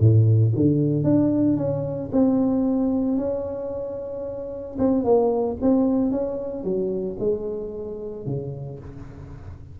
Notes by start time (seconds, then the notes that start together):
0.00 A2
0.56 D3
1.04 D4
1.57 C#4
2.12 C4
3.18 C#4
4.79 C4
5.04 A#3
5.62 C4
6.11 C#4
6.64 F#3
7.20 G#3
8.26 C#3